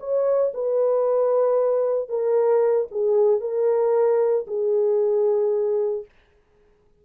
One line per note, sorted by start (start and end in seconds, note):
0.00 0.53 C#5
0.54 2.09 B4
2.09 2.88 A#4
2.91 3.41 G#4
3.41 4.46 A#4
4.48 6.06 G#4